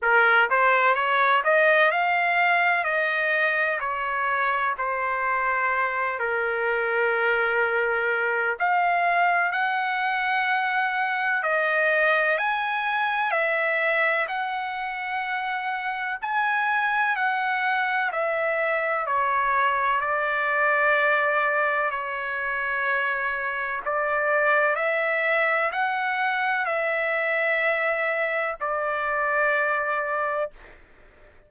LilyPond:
\new Staff \with { instrumentName = "trumpet" } { \time 4/4 \tempo 4 = 63 ais'8 c''8 cis''8 dis''8 f''4 dis''4 | cis''4 c''4. ais'4.~ | ais'4 f''4 fis''2 | dis''4 gis''4 e''4 fis''4~ |
fis''4 gis''4 fis''4 e''4 | cis''4 d''2 cis''4~ | cis''4 d''4 e''4 fis''4 | e''2 d''2 | }